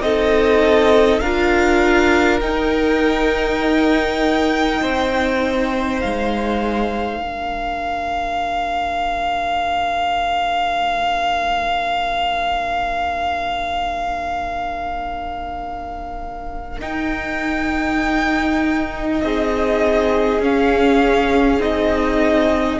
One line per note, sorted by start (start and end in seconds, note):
0.00 1.20 C4
0.00 1.22 D#4
0.00 1.21 A4
0.00 1.20 D#5
1.20 2.41 D4
1.20 2.41 F4
1.20 4.80 A#4
1.20 2.40 F5
2.40 4.80 D#4
2.40 7.20 D#4
2.40 6.00 G5
4.81 6.03 C4
4.81 7.21 C5
6.00 7.18 G#3
6.00 16.80 F5
7.18 16.78 A#3
7.18 16.80 D4
7.18 19.21 A#4
16.80 20.40 D#4
16.80 19.21 D#4
16.80 19.21 G5
19.21 20.40 C4
19.21 22.80 G#4
19.21 20.41 D#5
20.40 21.59 C#4
20.40 21.60 C#4
20.40 21.61 F5
21.59 22.79 C4
21.59 22.80 D#4
21.59 22.80 D#5